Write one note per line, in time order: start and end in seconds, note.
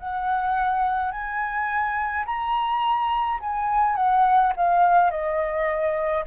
0.00 1.12 F#5
1.12 2.26 G#5
2.26 3.41 A#5
3.41 3.96 G#5
3.96 4.54 F#5
4.57 5.11 F5
5.11 6.25 D#5